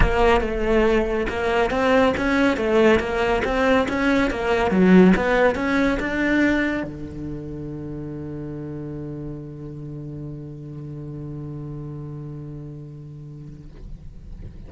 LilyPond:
\new Staff \with { instrumentName = "cello" } { \time 4/4 \tempo 4 = 140 ais4 a2 ais4 | c'4 cis'4 a4 ais4 | c'4 cis'4 ais4 fis4 | b4 cis'4 d'2 |
d1~ | d1~ | d1~ | d1 | }